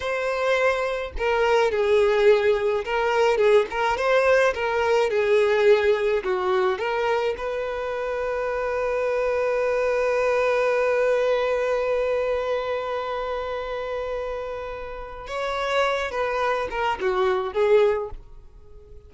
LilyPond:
\new Staff \with { instrumentName = "violin" } { \time 4/4 \tempo 4 = 106 c''2 ais'4 gis'4~ | gis'4 ais'4 gis'8 ais'8 c''4 | ais'4 gis'2 fis'4 | ais'4 b'2.~ |
b'1~ | b'1~ | b'2. cis''4~ | cis''8 b'4 ais'8 fis'4 gis'4 | }